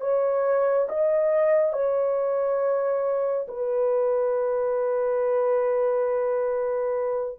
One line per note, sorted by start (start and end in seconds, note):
0.00 0.87 C#5
0.88 1.73 D#5
1.73 3.47 C#5
3.47 7.39 B4